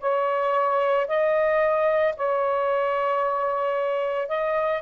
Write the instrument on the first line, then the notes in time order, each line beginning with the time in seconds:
saxophone
0.00 C#5
1.08 D#5
2.17 C#5
4.29 D#5